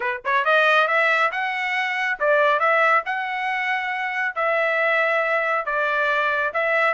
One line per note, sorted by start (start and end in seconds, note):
0.00 0.21 B4
0.24 0.44 C#5
0.44 0.87 D#5
0.87 1.31 E5
1.31 2.18 F#5
2.19 2.59 D5
2.59 3.03 E5
3.05 4.35 F#5
4.35 5.65 E5
5.65 6.52 D5
6.53 6.93 E5